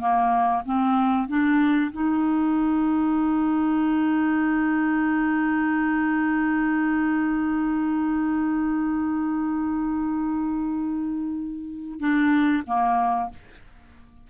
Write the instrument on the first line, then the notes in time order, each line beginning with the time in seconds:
clarinet
0.00 A#3
0.66 C4
1.28 D4
1.92 D#4
12.00 D4
12.67 A#3